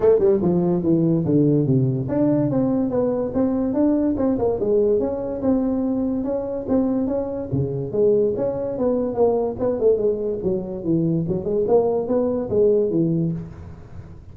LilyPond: \new Staff \with { instrumentName = "tuba" } { \time 4/4 \tempo 4 = 144 a8 g8 f4 e4 d4 | c4 d'4 c'4 b4 | c'4 d'4 c'8 ais8 gis4 | cis'4 c'2 cis'4 |
c'4 cis'4 cis4 gis4 | cis'4 b4 ais4 b8 a8 | gis4 fis4 e4 fis8 gis8 | ais4 b4 gis4 e4 | }